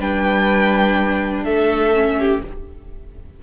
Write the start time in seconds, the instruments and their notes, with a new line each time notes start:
0.00 cello G3, viola D4, violin B4 G5
1.44 cello A3, violin A4 E5
1.94 viola C#4
2.19 violin G4